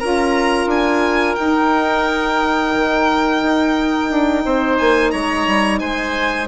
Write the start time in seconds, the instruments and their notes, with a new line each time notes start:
0.00 bassoon C#4, saxophone F4, oboe A#4, violin A#5
0.66 bassoon D4, violin G#5
1.35 saxophone D#4, bassoon D#4, violin G5
2.74 bassoon D#3
3.43 bassoon D#4
4.10 bassoon D4
4.45 bassoon C4, oboe C5
4.78 bassoon A#3, violin G#5
5.11 bassoon G#3, oboe C#5, violin A#5
5.47 bassoon G3
5.79 bassoon G#3, oboe C5, violin G#5